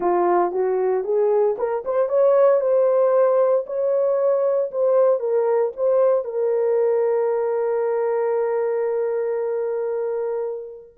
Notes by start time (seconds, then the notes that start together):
0.00 F4
0.51 F#4
1.03 G#4
1.58 A#4
1.84 C5
2.08 C#5
2.60 C5
3.66 C#5
4.71 C5
5.19 A#4
5.76 C5
6.24 A#4